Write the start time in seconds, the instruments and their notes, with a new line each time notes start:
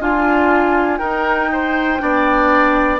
0.00 bassoon D4, oboe F4, clarinet F4, flute G#5
0.97 bassoon D#4, clarinet D#4, oboe A#4, flute G5
1.52 oboe C5
1.99 bassoon B3, clarinet D4, oboe D5